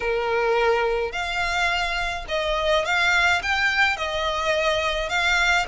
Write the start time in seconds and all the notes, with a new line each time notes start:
0.00 A#4
1.12 F5
2.28 D#5
2.85 F5
3.42 G5
3.96 D#5
5.09 F5